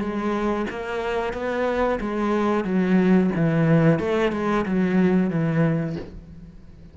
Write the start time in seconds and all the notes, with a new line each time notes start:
0.00 G#3
0.70 A#3
1.33 B3
2.00 G#3
2.64 F#3
3.35 E3
3.99 A3
4.32 G#3
4.65 F#3
5.30 E3